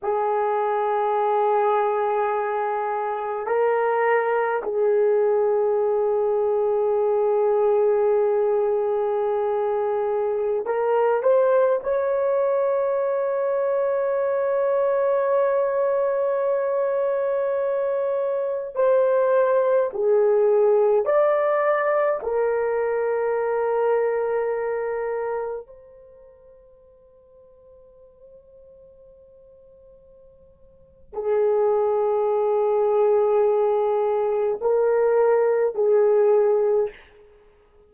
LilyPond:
\new Staff \with { instrumentName = "horn" } { \time 4/4 \tempo 4 = 52 gis'2. ais'4 | gis'1~ | gis'4~ gis'16 ais'8 c''8 cis''4.~ cis''16~ | cis''1~ |
cis''16 c''4 gis'4 d''4 ais'8.~ | ais'2~ ais'16 c''4.~ c''16~ | c''2. gis'4~ | gis'2 ais'4 gis'4 | }